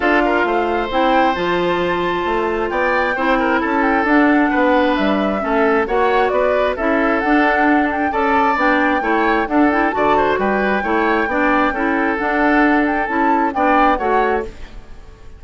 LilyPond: <<
  \new Staff \with { instrumentName = "flute" } { \time 4/4 \tempo 4 = 133 f''2 g''4 a''4~ | a''2 g''2 | a''8 g''8 fis''2 e''4~ | e''4 fis''4 d''4 e''4 |
fis''4. g''8 a''4 g''4~ | g''4 fis''8 g''8 a''4 g''4~ | g''2. fis''4~ | fis''8 g''8 a''4 g''4 fis''4 | }
  \new Staff \with { instrumentName = "oboe" } { \time 4/4 a'8 ais'8 c''2.~ | c''2 d''4 c''8 ais'8 | a'2 b'2 | a'4 cis''4 b'4 a'4~ |
a'2 d''2 | cis''4 a'4 d''8 c''8 b'4 | cis''4 d''4 a'2~ | a'2 d''4 cis''4 | }
  \new Staff \with { instrumentName = "clarinet" } { \time 4/4 f'2 e'4 f'4~ | f'2. e'4~ | e'4 d'2. | cis'4 fis'2 e'4 |
d'2 a'4 d'4 | e'4 d'8 e'8 fis'2 | e'4 d'4 e'4 d'4~ | d'4 e'4 d'4 fis'4 | }
  \new Staff \with { instrumentName = "bassoon" } { \time 4/4 d'4 a4 c'4 f4~ | f4 a4 b4 c'4 | cis'4 d'4 b4 g4 | a4 ais4 b4 cis'4 |
d'2 cis'4 b4 | a4 d'4 d4 g4 | a4 b4 cis'4 d'4~ | d'4 cis'4 b4 a4 | }
>>